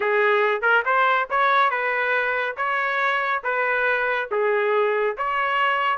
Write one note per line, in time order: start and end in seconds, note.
0.00 0.61 G#4
0.61 0.83 A#4
0.85 1.28 C5
1.30 1.70 C#5
1.70 2.56 B4
2.56 3.42 C#5
3.43 4.29 B4
4.31 5.16 G#4
5.17 5.98 C#5